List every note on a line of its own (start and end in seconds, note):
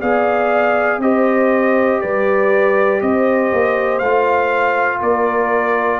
0.00 0.98 B3
0.00 1.01 G#4
0.00 1.00 D5
0.00 1.01 F5
0.98 1.98 C4
0.98 4.01 G4
0.98 2.01 C5
0.98 2.01 D#5
2.01 3.01 G3
2.01 3.01 B4
2.01 3.01 D5
3.01 3.51 C4
3.01 4.99 C5
3.01 3.98 D#5
3.52 4.01 A#3
3.98 5.01 A3
3.98 6.00 F4
3.98 4.98 F5
4.99 6.00 A#3
4.99 5.99 A#4
4.99 6.00 D5